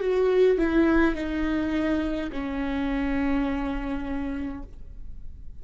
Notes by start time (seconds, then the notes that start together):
0.00 F#4
0.58 E4
1.15 D#4
2.32 C#4